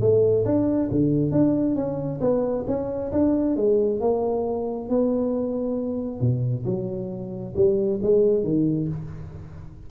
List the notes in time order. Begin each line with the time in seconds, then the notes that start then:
0.00 A3
0.45 D4
0.91 D3
1.31 D4
1.75 C#4
2.20 B3
2.67 C#4
3.12 D4
3.56 G#3
4.00 A#3
4.89 B3
6.20 B2
6.65 F#3
7.55 G3
8.02 G#3
8.43 D#3